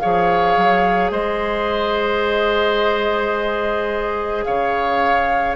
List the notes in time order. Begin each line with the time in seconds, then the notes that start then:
0.00 F3 G#4 C#5 F5
0.57 F#3
1.11 G#3 C5 D#5
4.44 C#3 C#5 F5